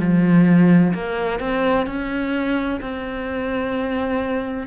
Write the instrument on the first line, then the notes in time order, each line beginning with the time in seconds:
cello
0.00 F3
0.94 A#3
1.40 C4
1.87 C#4
2.81 C4